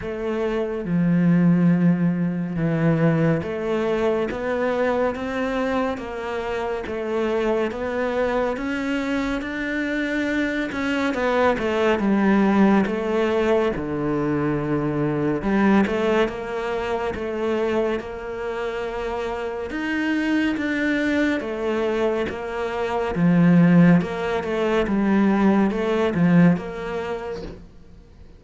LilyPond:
\new Staff \with { instrumentName = "cello" } { \time 4/4 \tempo 4 = 70 a4 f2 e4 | a4 b4 c'4 ais4 | a4 b4 cis'4 d'4~ | d'8 cis'8 b8 a8 g4 a4 |
d2 g8 a8 ais4 | a4 ais2 dis'4 | d'4 a4 ais4 f4 | ais8 a8 g4 a8 f8 ais4 | }